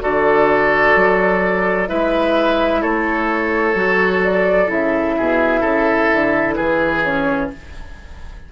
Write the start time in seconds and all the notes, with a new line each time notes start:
0.00 D3 F#4 A4 D5
0.95 F#3
1.87 G#3 E4 B4 E5
2.81 A3 A4 C#5
3.74 F#3 F#4
4.23 D5
4.67 C#3 E4 E5
5.17 B2 G#4
5.61 C#3 A4
6.13 D3
6.54 E3 G#4 B4
7.03 C#4 C#5